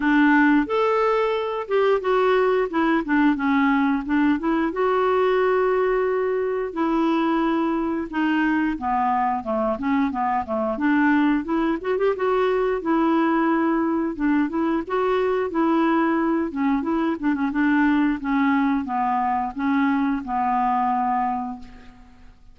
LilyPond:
\new Staff \with { instrumentName = "clarinet" } { \time 4/4 \tempo 4 = 89 d'4 a'4. g'8 fis'4 | e'8 d'8 cis'4 d'8 e'8 fis'4~ | fis'2 e'2 | dis'4 b4 a8 cis'8 b8 a8 |
d'4 e'8 fis'16 g'16 fis'4 e'4~ | e'4 d'8 e'8 fis'4 e'4~ | e'8 cis'8 e'8 d'16 cis'16 d'4 cis'4 | b4 cis'4 b2 | }